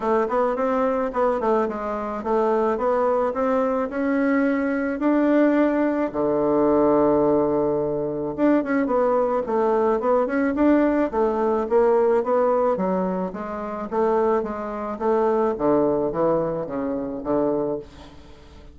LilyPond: \new Staff \with { instrumentName = "bassoon" } { \time 4/4 \tempo 4 = 108 a8 b8 c'4 b8 a8 gis4 | a4 b4 c'4 cis'4~ | cis'4 d'2 d4~ | d2. d'8 cis'8 |
b4 a4 b8 cis'8 d'4 | a4 ais4 b4 fis4 | gis4 a4 gis4 a4 | d4 e4 cis4 d4 | }